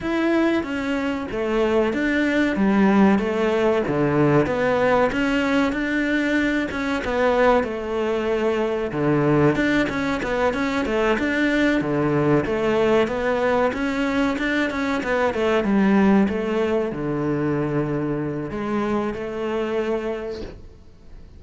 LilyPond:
\new Staff \with { instrumentName = "cello" } { \time 4/4 \tempo 4 = 94 e'4 cis'4 a4 d'4 | g4 a4 d4 b4 | cis'4 d'4. cis'8 b4 | a2 d4 d'8 cis'8 |
b8 cis'8 a8 d'4 d4 a8~ | a8 b4 cis'4 d'8 cis'8 b8 | a8 g4 a4 d4.~ | d4 gis4 a2 | }